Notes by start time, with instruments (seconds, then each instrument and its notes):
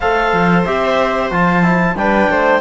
0.00 cello A3, trombone A4, viola C5, clarinet F5
0.32 cello F3
0.65 cello C4, trombone G4, clarinet E5
1.30 cello F3, trombone F4, clarinet A5
1.63 trombone E4
1.95 cello G3, trombone D4, viola B4, clarinet G5
2.29 cello A3, viola C5